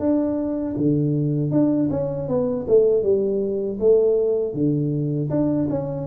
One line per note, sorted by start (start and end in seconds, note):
0.00 0.76 D4
0.77 1.52 D3
1.52 1.90 D4
1.91 2.28 C#4
2.28 2.66 B3
2.68 3.03 A3
3.03 3.79 G3
3.80 4.54 A3
4.54 5.30 D3
5.31 5.69 D4
5.70 6.07 C#4